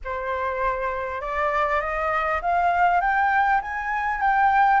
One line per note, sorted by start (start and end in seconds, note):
0.04 1.21 C5
1.21 1.80 D5
1.80 2.40 D#5
2.41 3.01 F5
3.01 3.61 G5
3.61 4.20 G#5
4.20 4.80 G5